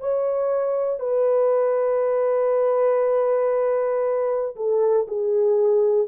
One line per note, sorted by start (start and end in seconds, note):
0.00 1.00 C#5
1.00 4.56 B4
4.56 5.07 A4
5.08 6.08 G#4